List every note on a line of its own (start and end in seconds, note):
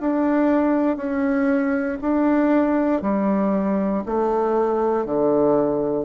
0.00 0.97 D4
0.97 1.98 C#4
2.02 3.02 D4
3.02 4.04 G3
4.06 5.06 A3
5.06 6.05 D3